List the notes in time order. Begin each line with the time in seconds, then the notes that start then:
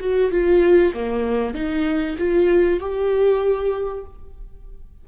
0.00 F#4
0.31 F4
0.94 A#3
1.55 D#4
2.18 F4
2.80 G4